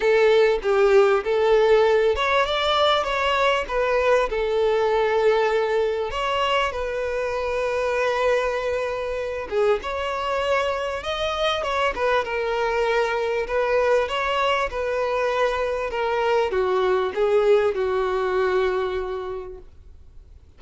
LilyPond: \new Staff \with { instrumentName = "violin" } { \time 4/4 \tempo 4 = 98 a'4 g'4 a'4. cis''8 | d''4 cis''4 b'4 a'4~ | a'2 cis''4 b'4~ | b'2.~ b'8 gis'8 |
cis''2 dis''4 cis''8 b'8 | ais'2 b'4 cis''4 | b'2 ais'4 fis'4 | gis'4 fis'2. | }